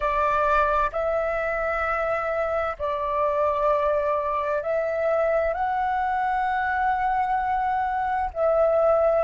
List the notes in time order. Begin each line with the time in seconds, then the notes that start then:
0.00 D5
0.91 E5
2.78 D5
4.62 E5
5.53 F#5
8.33 E5